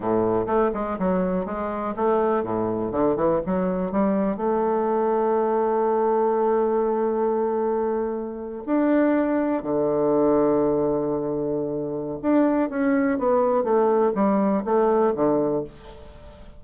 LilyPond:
\new Staff \with { instrumentName = "bassoon" } { \time 4/4 \tempo 4 = 123 a,4 a8 gis8 fis4 gis4 | a4 a,4 d8 e8 fis4 | g4 a2.~ | a1~ |
a4.~ a16 d'2 d16~ | d1~ | d4 d'4 cis'4 b4 | a4 g4 a4 d4 | }